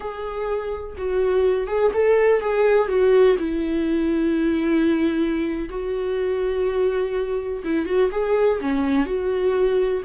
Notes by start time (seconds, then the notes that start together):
0.00 G#4
0.97 F#4
1.67 G#4
1.93 A4
2.41 G#4
2.88 F#4
3.38 E4
5.69 F#4
7.64 E4
7.85 F#4
8.11 G#4
8.60 C#4
9.06 F#4